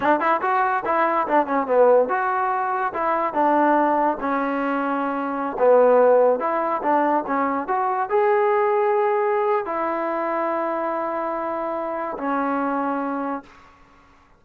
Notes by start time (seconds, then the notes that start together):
0.00 D4
0.20 E4
0.41 F#4
0.85 E4
1.27 D4
1.46 C#4
1.66 B3
2.08 F#4
2.93 E4
3.33 D4
4.20 C#4
5.59 B3
6.39 E4
6.82 D4
7.26 C#4
7.67 F#4
8.09 G#4
9.65 E4
12.17 C#4